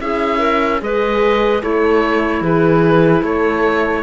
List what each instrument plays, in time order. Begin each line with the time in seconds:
0.00 cello C#4, horn E4, clarinet G#4, oboe E5
0.39 clarinet A#4
0.79 cello G#3, horn G#4, clarinet B4, oboe D#5
1.61 cello A3, clarinet E4, horn A4, oboe C#5
2.41 cello E3, horn G#4, oboe B4
3.21 cello A3, horn A4, oboe C#5